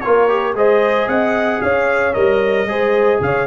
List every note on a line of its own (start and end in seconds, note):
0.00 0.54 A#3
0.00 0.28 F4
0.00 0.56 A#4
0.00 0.53 C#5
0.28 0.55 G4
0.54 1.07 G#3
0.54 2.13 G#4
0.54 1.08 C5
0.54 1.08 D#5
1.07 1.60 C4
1.07 1.62 D#5
1.07 1.61 F#5
1.61 2.15 C#4
1.61 2.68 C#5
1.61 2.13 F5
2.13 2.65 G3
2.13 2.66 A#4
2.13 3.19 D#5
2.65 3.18 G#3
2.65 3.46 G#4
2.65 3.22 C5
3.20 3.46 C#3
3.20 3.46 C#5
3.20 3.46 F5